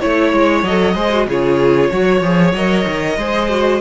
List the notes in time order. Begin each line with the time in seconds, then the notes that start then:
0.00 A3 E4 C#5
0.33 G#3
0.63 F#3 A4 D#5
0.94 G#3 G#4 C5
1.11 F#4
1.26 C#3 F4 G#4 C#5
1.90 F#3 F#4 C#5
2.21 F3 G#4
2.53 F#3 A#4 D#5
2.87 D#3
3.17 G#3 G#4 C5
3.49 F#4